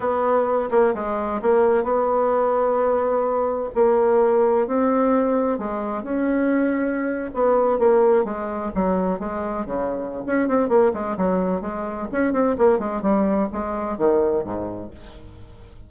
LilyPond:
\new Staff \with { instrumentName = "bassoon" } { \time 4/4 \tempo 4 = 129 b4. ais8 gis4 ais4 | b1 | ais2 c'2 | gis4 cis'2~ cis'8. b16~ |
b8. ais4 gis4 fis4 gis16~ | gis8. cis4~ cis16 cis'8 c'8 ais8 gis8 | fis4 gis4 cis'8 c'8 ais8 gis8 | g4 gis4 dis4 gis,4 | }